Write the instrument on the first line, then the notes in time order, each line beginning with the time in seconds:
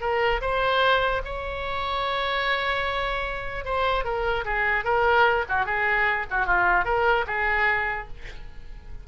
oboe
0.00 A#4
0.41 C5
1.24 C#5
3.64 C5
4.04 A#4
4.45 G#4
4.84 A#4
5.48 F#4
5.65 G#4
6.30 F#4
6.46 F4
6.85 A#4
7.26 G#4